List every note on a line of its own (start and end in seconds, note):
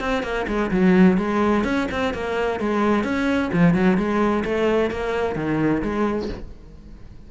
0.00 0.23 C4
0.23 0.46 A#3
0.47 0.70 G#3
0.71 1.18 F#3
1.18 1.64 G#3
1.64 1.88 C#4
1.91 2.14 C4
2.14 2.60 A#3
2.60 3.04 G#3
3.04 3.50 C#4
3.53 3.74 F3
3.74 3.97 F#3
3.97 4.44 G#3
4.44 4.91 A3
4.91 5.36 A#3
5.36 5.82 D#3
5.82 6.29 G#3